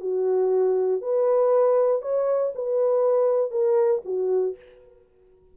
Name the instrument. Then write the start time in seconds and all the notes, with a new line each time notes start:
horn
0.00 F#4
1.01 B4
2.02 C#5
2.55 B4
3.51 A#4
4.05 F#4